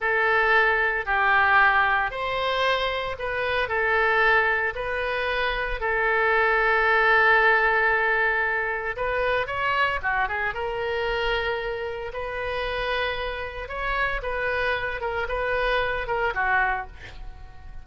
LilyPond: \new Staff \with { instrumentName = "oboe" } { \time 4/4 \tempo 4 = 114 a'2 g'2 | c''2 b'4 a'4~ | a'4 b'2 a'4~ | a'1~ |
a'4 b'4 cis''4 fis'8 gis'8 | ais'2. b'4~ | b'2 cis''4 b'4~ | b'8 ais'8 b'4. ais'8 fis'4 | }